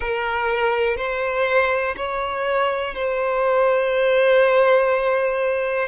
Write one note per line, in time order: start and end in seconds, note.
0.00 0.96 A#4
0.96 1.94 C5
1.96 2.95 C#5
2.95 5.88 C5